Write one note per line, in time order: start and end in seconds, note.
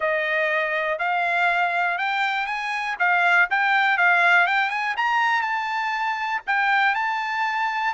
0.00 0.98 D#5
0.98 1.97 F5
1.98 2.46 G5
2.46 2.96 G#5
2.99 3.48 F5
3.50 3.97 G5
3.97 4.47 F5
4.47 4.70 G5
4.70 4.95 G#5
4.97 5.41 A#5
5.41 6.41 A5
6.46 6.94 G5
6.94 7.94 A5